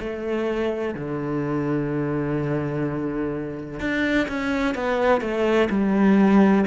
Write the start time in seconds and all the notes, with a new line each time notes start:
0.00 A3
0.95 D3
3.80 D4
4.29 C#4
4.75 B3
5.21 A3
5.70 G3